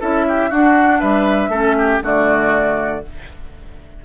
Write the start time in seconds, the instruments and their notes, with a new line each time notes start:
0.00 bassoon C#4, clarinet E4, oboe A4, flute E5
0.28 oboe G4
0.49 bassoon D4, clarinet D4, oboe F#4, flute F#5
0.99 bassoon G3, oboe B4, flute E5
1.48 bassoon A3, clarinet C#4, oboe A4
1.78 oboe G4
2.02 bassoon D3, clarinet A3, oboe F#4, flute D5